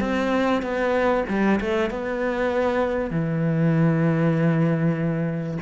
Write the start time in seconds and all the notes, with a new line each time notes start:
0.00 C4
0.62 B3
1.28 G3
1.60 A3
1.90 B3
3.10 E3